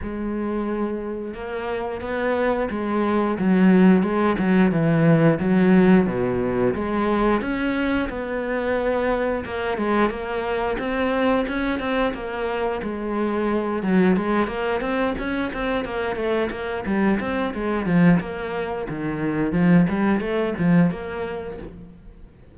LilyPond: \new Staff \with { instrumentName = "cello" } { \time 4/4 \tempo 4 = 89 gis2 ais4 b4 | gis4 fis4 gis8 fis8 e4 | fis4 b,4 gis4 cis'4 | b2 ais8 gis8 ais4 |
c'4 cis'8 c'8 ais4 gis4~ | gis8 fis8 gis8 ais8 c'8 cis'8 c'8 ais8 | a8 ais8 g8 c'8 gis8 f8 ais4 | dis4 f8 g8 a8 f8 ais4 | }